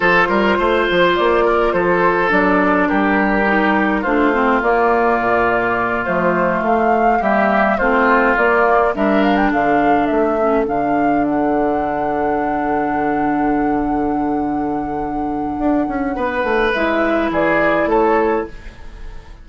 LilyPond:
<<
  \new Staff \with { instrumentName = "flute" } { \time 4/4 \tempo 4 = 104 c''2 d''4 c''4 | d''4 ais'2 c''4 | d''2~ d''8 c''4 f''8~ | f''8 e''4 c''4 d''4 e''8 |
f''16 g''16 f''4 e''4 f''4 fis''8~ | fis''1~ | fis''1~ | fis''4 e''4 d''4 cis''4 | }
  \new Staff \with { instrumentName = "oboe" } { \time 4/4 a'8 ais'8 c''4. ais'8 a'4~ | a'4 g'2 f'4~ | f'1~ | f'8 g'4 f'2 ais'8~ |
ais'8 a'2.~ a'8~ | a'1~ | a'1 | b'2 gis'4 a'4 | }
  \new Staff \with { instrumentName = "clarinet" } { \time 4/4 f'1 | d'2 dis'4 d'8 c'8 | ais2~ ais8 a4.~ | a8 ais4 c'4 ais4 d'8~ |
d'2 cis'8 d'4.~ | d'1~ | d'1~ | d'4 e'2. | }
  \new Staff \with { instrumentName = "bassoon" } { \time 4/4 f8 g8 a8 f8 ais4 f4 | fis4 g2 a4 | ais4 ais,4. f4 a8~ | a8 g4 a4 ais4 g8~ |
g8 d4 a4 d4.~ | d1~ | d2. d'8 cis'8 | b8 a8 gis4 e4 a4 | }
>>